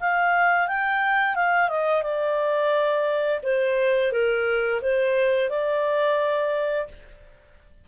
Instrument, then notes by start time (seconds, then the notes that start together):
clarinet
0.00 F5
0.67 G5
1.35 F5
1.69 D#5
2.03 D5
3.43 C5
4.12 A#4
4.81 C5
5.49 D5